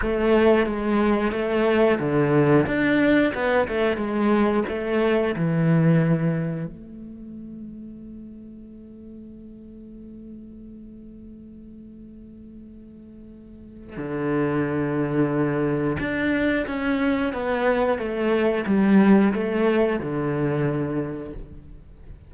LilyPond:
\new Staff \with { instrumentName = "cello" } { \time 4/4 \tempo 4 = 90 a4 gis4 a4 d4 | d'4 b8 a8 gis4 a4 | e2 a2~ | a1~ |
a1~ | a4 d2. | d'4 cis'4 b4 a4 | g4 a4 d2 | }